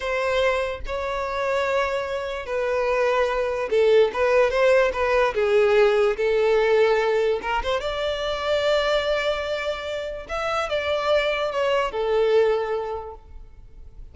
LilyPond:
\new Staff \with { instrumentName = "violin" } { \time 4/4 \tempo 4 = 146 c''2 cis''2~ | cis''2 b'2~ | b'4 a'4 b'4 c''4 | b'4 gis'2 a'4~ |
a'2 ais'8 c''8 d''4~ | d''1~ | d''4 e''4 d''2 | cis''4 a'2. | }